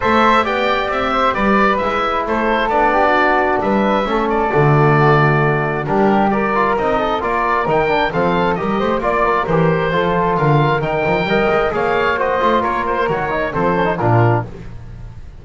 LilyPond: <<
  \new Staff \with { instrumentName = "oboe" } { \time 4/4 \tempo 4 = 133 e''4 g''4 e''4 d''4 | e''4 c''4 d''2 | e''4. d''2~ d''8~ | d''4 ais'4 d''4 dis''4 |
d''4 g''4 f''4 dis''4 | d''4 c''2 f''4 | g''2 f''4 dis''4 | cis''8 c''8 cis''4 c''4 ais'4 | }
  \new Staff \with { instrumentName = "flute" } { \time 4/4 c''4 d''4. c''8 b'4~ | b'4 a'4. g'16 fis'4~ fis'16 | b'4 a'4 fis'2~ | fis'4 g'4 ais'4. a'8 |
ais'2 a'4 ais'8 c''8 | d''8 ais'4. a'4 ais'4~ | ais'4 dis''4 cis''4 c''4 | ais'2 a'4 f'4 | }
  \new Staff \with { instrumentName = "trombone" } { \time 4/4 a'4 g'2. | e'2 d'2~ | d'4 cis'4 a2~ | a4 d'4 g'8 f'8 dis'4 |
f'4 dis'8 d'8 c'4 g'4 | f'4 g'4 f'2 | dis'4 ais'4 gis'4 fis'8 f'8~ | f'4 fis'8 dis'8 c'8 cis'16 dis'16 d'4 | }
  \new Staff \with { instrumentName = "double bass" } { \time 4/4 a4 b4 c'4 g4 | gis4 a4 b2 | g4 a4 d2~ | d4 g2 c'4 |
ais4 dis4 f4 g8 a8 | ais4 e4 f4 d4 | dis8 f8 g8 gis8 ais4. a8 | ais4 dis4 f4 ais,4 | }
>>